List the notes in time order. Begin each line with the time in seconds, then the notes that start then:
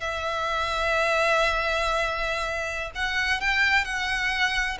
0.00 E5
2.95 F#5
3.41 G5
3.85 F#5